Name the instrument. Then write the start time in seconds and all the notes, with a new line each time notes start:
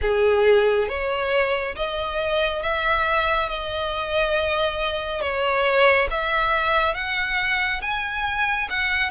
violin
0.01 G#4
0.88 C#5
1.75 D#5
2.62 E5
3.48 D#5
5.21 C#5
6.10 E5
6.94 F#5
7.81 G#5
8.70 F#5